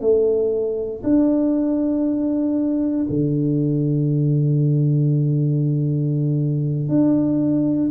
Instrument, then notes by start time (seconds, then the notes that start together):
tuba
0.00 A3
1.03 D4
3.09 D3
6.88 D4